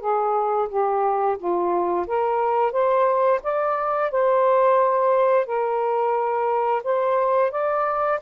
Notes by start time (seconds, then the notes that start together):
0.00 G#4
0.69 G4
1.38 F4
2.06 A#4
2.72 C5
3.43 D5
4.11 C5
5.46 A#4
6.83 C5
7.51 D5